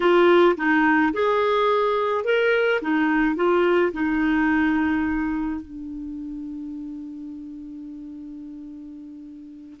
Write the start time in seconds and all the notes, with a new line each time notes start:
0.00 F4
0.56 D#4
1.13 G#4
2.24 A#4
2.81 D#4
3.35 F4
3.93 D#4
5.61 D4